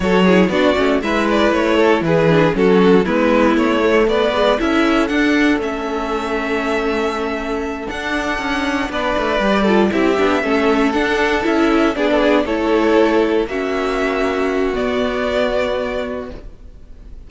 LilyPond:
<<
  \new Staff \with { instrumentName = "violin" } { \time 4/4 \tempo 4 = 118 cis''4 d''4 e''8 d''8 cis''4 | b'4 a'4 b'4 cis''4 | d''4 e''4 fis''4 e''4~ | e''2.~ e''8 fis''8~ |
fis''4. d''2 e''8~ | e''4. fis''4 e''4 d''8~ | d''8 cis''2 e''4.~ | e''4 d''2. | }
  \new Staff \with { instrumentName = "violin" } { \time 4/4 a'8 gis'8 fis'4 b'4. a'8 | gis'4 fis'4 e'2 | b'4 a'2.~ | a'1~ |
a'4. b'4. a'8 g'8~ | g'8 a'2. gis'16 a'16 | gis'8 a'2 fis'4.~ | fis'1 | }
  \new Staff \with { instrumentName = "viola" } { \time 4/4 fis'8 e'8 d'8 cis'8 e'2~ | e'8 d'8 cis'4 b4. a8~ | a8 gis8 e'4 d'4 cis'4~ | cis'2.~ cis'8 d'8~ |
d'2~ d'8 g'8 f'8 e'8 | d'8 cis'4 d'4 e'4 d'8~ | d'8 e'2 cis'4.~ | cis'4 b2. | }
  \new Staff \with { instrumentName = "cello" } { \time 4/4 fis4 b8 a8 gis4 a4 | e4 fis4 gis4 a4 | b4 cis'4 d'4 a4~ | a2.~ a8 d'8~ |
d'8 cis'4 b8 a8 g4 c'8 | b8 a4 d'4 cis'4 b8~ | b8 a2 ais4.~ | ais4 b2. | }
>>